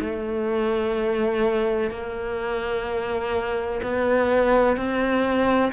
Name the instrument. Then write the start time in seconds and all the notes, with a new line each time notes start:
cello
0.00 A3
1.90 A#3
3.82 B3
4.77 C4